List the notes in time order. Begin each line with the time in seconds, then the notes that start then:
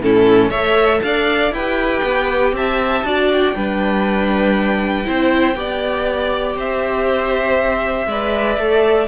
0.00 A2 C#4 E4 A4
0.50 A3 A4 C#5 E5
1.02 D4 D5 F5
1.51 E4 B4 G5
1.57 G4
2.03 B3
2.53 C4 E5 A5
3.04 D4 F#4 D5
3.32 G5
3.55 G3 D4 B4
5.04 C4 E4 C5
5.55 B3 G4 D5
6.56 C4 C5 E5
8.07 G#3 B4 D5
8.57 A3 A4